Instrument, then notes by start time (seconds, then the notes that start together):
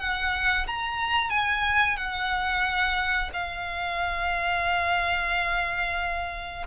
violin
0.00 F#5
0.67 A#5
1.30 G#5
1.97 F#5
3.33 F5